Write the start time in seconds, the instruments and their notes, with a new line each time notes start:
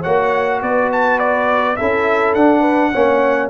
0.00 tuba A#3, trombone F#4, horn C#5, trumpet F#5
0.62 tuba B3, horn B4, trumpet D5
0.92 trumpet A5
1.19 trumpet D5
1.76 tuba C#4, trombone E4, horn A4, trumpet E5
2.34 tuba D4, trombone D4, trumpet F#5
2.60 horn B4
2.92 tuba A#3, trombone C#4, horn C#5